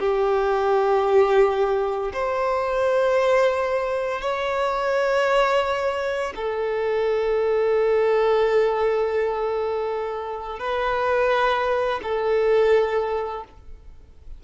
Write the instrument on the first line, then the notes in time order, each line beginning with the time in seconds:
violin
0.00 G4
2.14 C5
4.22 C#5
6.36 A4
10.59 B4
12.03 A4